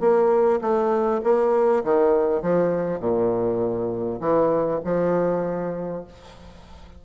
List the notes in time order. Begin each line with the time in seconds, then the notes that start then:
0.00 A#3
0.61 A3
1.24 A#3
1.84 D#3
2.42 F3
3.00 A#2
4.20 E3
4.85 F3